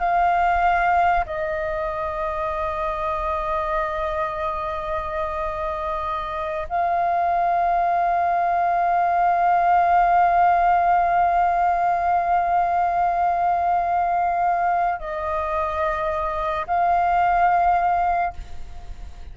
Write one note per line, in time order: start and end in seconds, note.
0.00 1.25 F5
1.26 6.68 D#5
6.69 15.00 F5
15.00 16.66 D#5
16.67 18.34 F5